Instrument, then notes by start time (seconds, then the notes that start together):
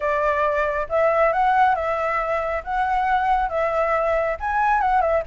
flute
0.00 D5
0.89 E5
1.33 F#5
1.75 E5
2.64 F#5
3.49 E5
4.40 G#5
4.81 F#5
5.01 E5